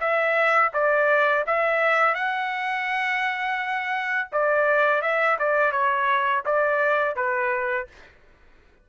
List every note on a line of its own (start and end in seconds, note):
0.00 0.71 E5
0.73 1.45 D5
1.46 2.14 E5
2.14 4.29 F#5
4.32 5.02 D5
5.02 5.37 E5
5.39 5.72 D5
5.72 6.43 C#5
6.45 7.16 D5
7.16 7.87 B4